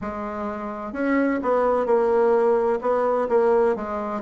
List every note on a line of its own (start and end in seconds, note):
0.01 0.92 G#3
0.92 1.39 C#4
1.42 1.85 B3
1.85 2.79 A#3
2.81 3.28 B3
3.28 3.75 A#3
3.75 4.21 G#3